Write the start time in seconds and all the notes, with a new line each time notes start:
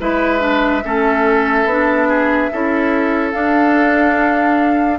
0.00 G#3 E4 B4 E5
0.40 D4
0.85 A3 C#4 A4
1.65 B3 D4
2.09 G#4
2.53 C#4 E4 A4
3.32 D4 F5